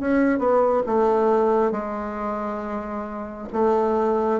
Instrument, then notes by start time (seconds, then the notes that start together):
bassoon
0.00 C#4
0.39 B3
0.86 A3
1.71 G#3
3.53 A3